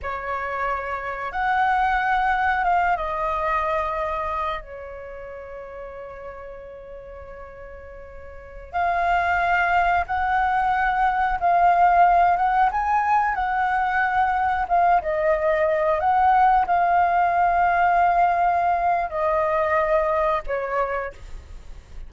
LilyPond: \new Staff \with { instrumentName = "flute" } { \time 4/4 \tempo 4 = 91 cis''2 fis''2 | f''8 dis''2~ dis''8 cis''4~ | cis''1~ | cis''4~ cis''16 f''2 fis''8.~ |
fis''4~ fis''16 f''4. fis''8 gis''8.~ | gis''16 fis''2 f''8 dis''4~ dis''16~ | dis''16 fis''4 f''2~ f''8.~ | f''4 dis''2 cis''4 | }